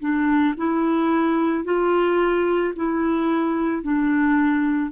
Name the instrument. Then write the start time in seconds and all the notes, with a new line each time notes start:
clarinet
0.00 D4
0.58 E4
1.65 F4
2.76 E4
3.83 D4